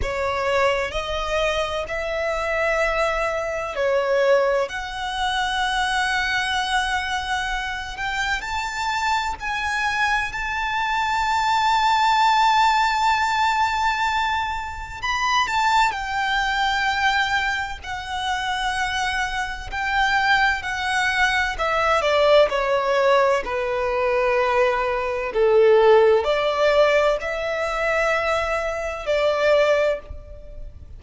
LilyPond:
\new Staff \with { instrumentName = "violin" } { \time 4/4 \tempo 4 = 64 cis''4 dis''4 e''2 | cis''4 fis''2.~ | fis''8 g''8 a''4 gis''4 a''4~ | a''1 |
b''8 a''8 g''2 fis''4~ | fis''4 g''4 fis''4 e''8 d''8 | cis''4 b'2 a'4 | d''4 e''2 d''4 | }